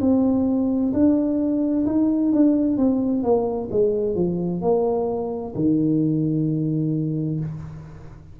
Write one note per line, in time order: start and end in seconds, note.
0.00 0.92 C4
0.93 1.85 D4
1.86 2.32 D#4
2.32 2.77 D4
2.77 3.23 C4
3.23 3.69 A#3
3.71 4.15 G#3
4.15 4.61 F3
4.62 5.54 A#3
5.55 7.40 D#3